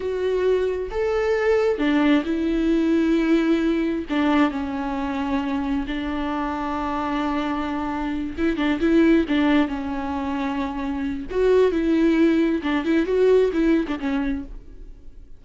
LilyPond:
\new Staff \with { instrumentName = "viola" } { \time 4/4 \tempo 4 = 133 fis'2 a'2 | d'4 e'2.~ | e'4 d'4 cis'2~ | cis'4 d'2.~ |
d'2~ d'8 e'8 d'8 e'8~ | e'8 d'4 cis'2~ cis'8~ | cis'4 fis'4 e'2 | d'8 e'8 fis'4 e'8. d'16 cis'4 | }